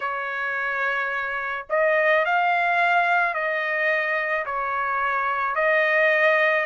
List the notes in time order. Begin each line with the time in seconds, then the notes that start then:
0.00 C#5
1.69 D#5
2.25 F5
3.33 D#5
4.45 C#5
5.55 D#5